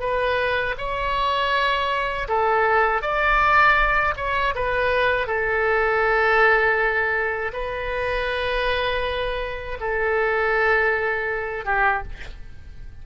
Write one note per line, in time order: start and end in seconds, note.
0.00 0.75 B4
0.78 2.28 C#5
2.28 3.02 A4
3.02 4.14 D5
4.17 4.54 C#5
4.55 5.27 B4
5.27 7.52 A4
7.53 9.78 B4
9.80 11.65 A4
11.65 12.03 G4